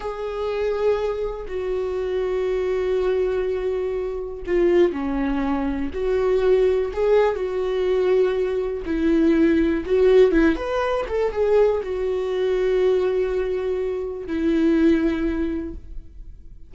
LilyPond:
\new Staff \with { instrumentName = "viola" } { \time 4/4 \tempo 4 = 122 gis'2. fis'4~ | fis'1~ | fis'4 f'4 cis'2 | fis'2 gis'4 fis'4~ |
fis'2 e'2 | fis'4 e'8 b'4 a'8 gis'4 | fis'1~ | fis'4 e'2. | }